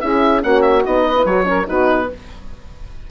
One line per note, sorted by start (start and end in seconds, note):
0.00 0.43 C#4
0.00 0.41 E4
0.00 0.43 G#4
0.00 0.41 E5
0.41 0.85 A#3
0.41 0.83 C#4
0.41 1.03 F#4
0.41 0.61 F#5
0.61 0.82 E5
0.84 1.24 B3
0.84 1.15 D#4
0.84 1.25 D#5
1.03 1.45 B4
1.16 1.26 E4
1.24 1.66 F#3
1.24 1.44 F#4
1.24 1.66 C#5
1.44 1.65 C#4
1.44 1.66 A#4
1.66 2.10 B3
1.66 2.08 D#4
1.66 2.08 F#4
1.66 2.09 B4